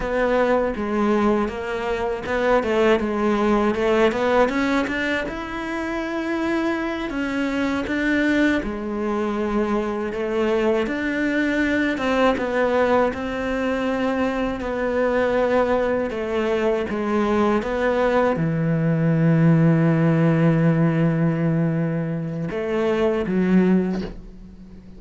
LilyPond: \new Staff \with { instrumentName = "cello" } { \time 4/4 \tempo 4 = 80 b4 gis4 ais4 b8 a8 | gis4 a8 b8 cis'8 d'8 e'4~ | e'4. cis'4 d'4 gis8~ | gis4. a4 d'4. |
c'8 b4 c'2 b8~ | b4. a4 gis4 b8~ | b8 e2.~ e8~ | e2 a4 fis4 | }